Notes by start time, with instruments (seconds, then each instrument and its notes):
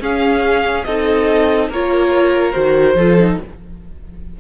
0.00 viola C#4, cello C#4, violin G#4 F5
0.85 cello C4, viola D#4, violin A4 D#5
1.70 cello A#3, viola F4, violin A#4 C#5
2.52 cello D#3, viola F#4, violin C5
2.95 cello F3, viola F4, violin A4
3.19 viola D#4